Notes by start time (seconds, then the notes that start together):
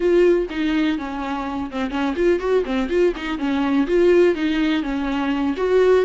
0.00 F4
0.50 D#4
0.98 C#4
1.70 C4
1.90 C#4
2.16 F4
2.39 F#4
2.65 C4
2.89 F4
3.15 D#4
3.38 C#4
3.87 F4
4.35 D#4
4.82 C#4
5.56 F#4